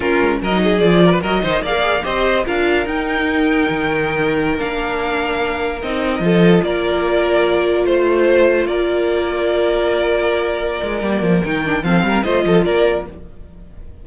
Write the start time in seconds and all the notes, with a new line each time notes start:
0.00 A#3 C#4 F4 A#4
0.20 G#3
0.41 F#3 A#4 D#5
0.51 D#4
0.63 G#4
0.78 F3 F4 D5
1.05 A#4
1.11 B4
1.21 F#3 F#4 A#4 D#5
1.42 D#3 D#4 C5
1.61 A#3 G#4 D5 F5
1.71 A#4
1.80 G#4
2.02 C4 G4 C5 D#5
2.45 D4 F4 A#4 F5
2.86 D#4 G5
3.69 D#3
4.57 A#3 D4 F5
5.82 C4 D#4 D#5
6.19 F3 F4 A4
6.63 A#3 A#4 D5
7.84 A3 C5
8.66 A#3 A#4 D5
10.82 G#3
11.02 G3 A#3
11.21 F3
11.44 D#3 D#4 G5
11.65 D4
11.82 F3 C4 A4 F5
12.03 G3 A#4
12.23 A3 F4 C5 D#5
12.44 F3 A4
12.64 A#3 A#4 D5